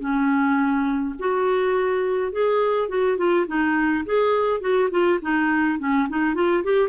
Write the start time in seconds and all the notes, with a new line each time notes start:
0.00 C#4
1.20 F#4
2.33 G#4
2.89 F#4
3.18 F4
3.47 D#4
4.06 G#4
4.61 F#4
4.91 F4
5.22 D#4
5.79 C#4
6.09 D#4
6.35 F4
6.64 G4